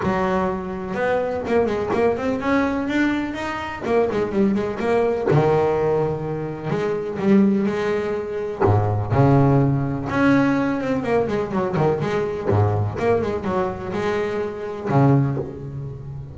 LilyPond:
\new Staff \with { instrumentName = "double bass" } { \time 4/4 \tempo 4 = 125 fis2 b4 ais8 gis8 | ais8 c'8 cis'4 d'4 dis'4 | ais8 gis8 g8 gis8 ais4 dis4~ | dis2 gis4 g4 |
gis2 gis,4 cis4~ | cis4 cis'4. c'8 ais8 gis8 | fis8 dis8 gis4 gis,4 ais8 gis8 | fis4 gis2 cis4 | }